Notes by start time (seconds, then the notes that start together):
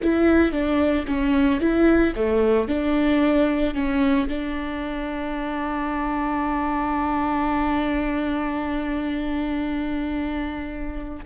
0.02 E4
0.52 D4
1.07 C#4
1.60 E4
2.15 A3
2.67 D4
3.74 C#4
4.28 D4